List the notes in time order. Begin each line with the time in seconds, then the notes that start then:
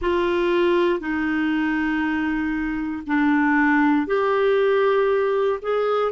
0.01 F4
0.99 D#4
3.06 D4
4.07 G4
5.62 G#4